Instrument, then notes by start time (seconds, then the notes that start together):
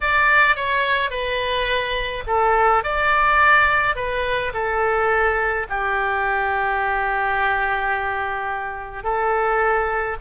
oboe
0.01 D5
0.56 C#5
1.10 B4
2.26 A4
2.83 D5
3.95 B4
4.53 A4
5.69 G4
9.03 A4